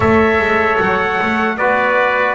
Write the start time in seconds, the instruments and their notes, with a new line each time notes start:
0.00 double bass A3, trombone A4, trumpet C#5 E5
0.38 double bass G#3
0.80 double bass F#3, trumpet F#5
1.22 double bass A3
1.57 double bass B3, trombone F#4, trumpet B4 D5